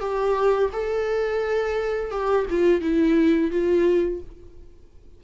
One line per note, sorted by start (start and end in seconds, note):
0.00 0.70 G4
0.73 2.11 A4
2.11 2.46 G4
2.50 2.81 F4
2.81 3.51 E4
3.51 4.21 F4